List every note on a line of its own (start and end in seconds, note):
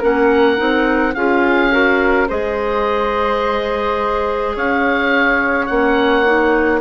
0.00 0.60 A#3
0.00 0.57 C#4
0.00 1.13 A#4
0.00 1.15 F#5
0.57 1.16 C4
0.57 1.14 D#4
1.15 2.29 C#4
1.15 1.71 F4
1.15 1.73 G#4
1.15 2.28 F5
1.71 2.28 F#4
1.71 2.29 A#4
2.29 4.57 G#3
2.29 5.69 G#4
2.29 4.55 C5
2.29 4.57 D#5
4.56 5.70 C#4
4.56 6.81 C#5
4.56 5.67 F5
5.67 6.81 A#3
5.67 6.26 C#4
5.67 6.80 F#5
6.26 6.81 D#4